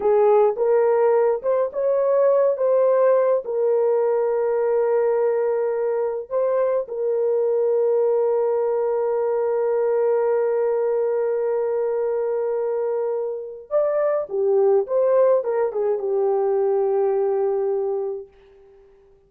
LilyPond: \new Staff \with { instrumentName = "horn" } { \time 4/4 \tempo 4 = 105 gis'4 ais'4. c''8 cis''4~ | cis''8 c''4. ais'2~ | ais'2. c''4 | ais'1~ |
ais'1~ | ais'1 | d''4 g'4 c''4 ais'8 gis'8 | g'1 | }